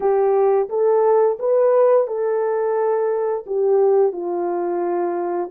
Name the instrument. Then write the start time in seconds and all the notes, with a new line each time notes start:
horn
0.00 G4
0.69 A4
1.39 B4
2.07 A4
3.46 G4
4.12 F4